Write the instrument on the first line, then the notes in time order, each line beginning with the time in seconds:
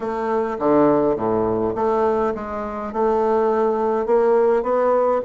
bassoon
0.00 A3
0.59 D3
1.15 A2
1.75 A3
2.34 G#3
2.93 A3
4.06 A#3
4.62 B3